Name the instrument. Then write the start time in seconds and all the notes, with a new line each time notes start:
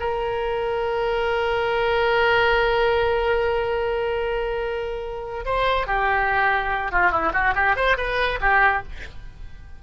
oboe
0.00 A#4
5.45 C5
5.87 G4
6.91 F4
7.11 E4
7.33 F#4
7.55 G4
7.76 C5
7.97 B4
8.40 G4